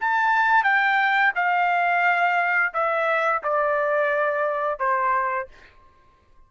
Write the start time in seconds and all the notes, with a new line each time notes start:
0.00 A5
0.63 G5
1.35 F5
2.73 E5
3.43 D5
4.79 C5